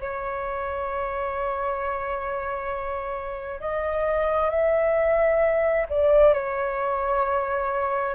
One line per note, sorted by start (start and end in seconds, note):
0.00 3.60 C#5
3.60 4.50 D#5
4.50 5.86 E5
5.89 6.33 D5
6.33 8.14 C#5